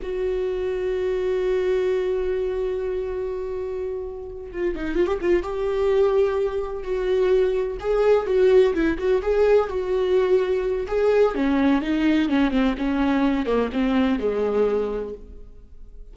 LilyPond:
\new Staff \with { instrumentName = "viola" } { \time 4/4 \tempo 4 = 127 fis'1~ | fis'1~ | fis'4. f'8 dis'8 f'16 g'16 f'8 g'8~ | g'2~ g'8 fis'4.~ |
fis'8 gis'4 fis'4 e'8 fis'8 gis'8~ | gis'8 fis'2~ fis'8 gis'4 | cis'4 dis'4 cis'8 c'8 cis'4~ | cis'8 ais8 c'4 gis2 | }